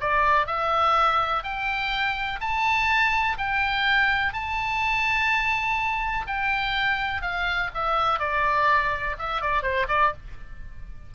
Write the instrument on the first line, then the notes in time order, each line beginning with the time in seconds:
oboe
0.00 D5
0.46 E5
1.43 G5
2.41 A5
3.38 G5
4.33 A5
6.27 G5
7.22 F5
7.74 E5
8.19 D5
9.19 E5
9.41 D5
9.62 C5
9.88 D5